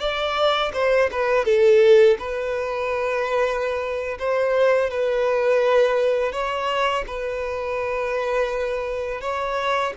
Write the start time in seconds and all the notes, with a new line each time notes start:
0.00 D5
0.74 C5
1.11 B4
1.45 A4
2.19 B4
4.19 C5
4.91 B4
6.33 C#5
7.07 B4
9.21 C#5